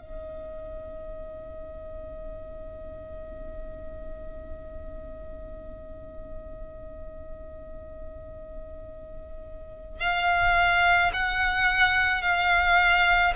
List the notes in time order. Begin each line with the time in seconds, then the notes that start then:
0.00 D#5
10.00 F5
11.13 F#5
12.22 F5